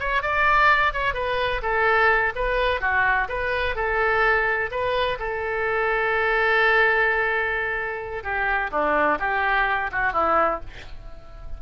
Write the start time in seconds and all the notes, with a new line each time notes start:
0.00 C#5
0.22 D5
0.93 C#5
1.14 B4
1.62 A4
2.35 B4
2.81 F#4
3.29 B4
3.76 A4
4.71 B4
5.19 A4
8.24 G4
8.71 D4
9.20 G4
9.92 F#4
10.13 E4